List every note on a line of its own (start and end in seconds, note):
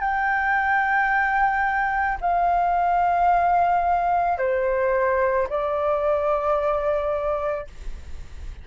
0.00 2.18 G5
2.21 4.38 F5
4.38 5.47 C5
5.49 7.68 D5